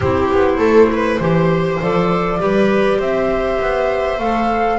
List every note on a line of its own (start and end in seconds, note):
0.00 0.31 C4
0.00 1.21 E4
0.00 0.57 G4
0.00 1.80 C5
0.32 0.58 B3
0.57 1.18 A3
0.57 0.87 A4
0.92 1.20 B4
1.19 1.79 E3
1.19 1.81 G4
1.19 2.40 C5
1.80 2.40 F3
1.80 2.39 A4
1.80 3.00 D5
2.39 2.99 G3
2.39 4.19 G4
2.39 2.98 B4
2.98 3.59 C4
2.98 4.78 C5
2.98 4.19 E5
3.59 4.19 B3
4.19 4.78 A3
4.19 4.78 A4
4.19 4.78 F5